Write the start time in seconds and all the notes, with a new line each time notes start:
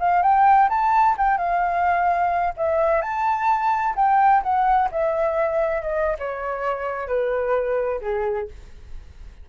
0.00 F5
0.22 G5
0.70 A5
1.18 G5
1.38 F5
2.57 E5
3.02 A5
3.96 G5
4.43 F#5
4.92 E5
5.82 D#5
6.19 C#5
7.08 B4
8.02 G#4